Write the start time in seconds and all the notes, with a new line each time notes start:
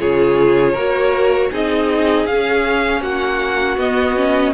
0.00 C#3 F4 G#4 C#5
0.73 A#3 F#4 A#4
1.52 C4 D#4 G#4 D#5
2.27 C#4 F5
3.01 A#3 F#4 F#5
3.77 B3 D#5
4.16 C#4